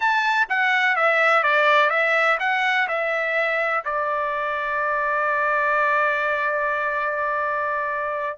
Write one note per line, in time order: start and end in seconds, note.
0.00 0.47 A5
0.49 0.96 F#5
0.96 1.43 E5
1.43 1.89 D5
1.89 2.37 E5
2.39 2.87 F#5
2.88 3.84 E5
3.84 8.38 D5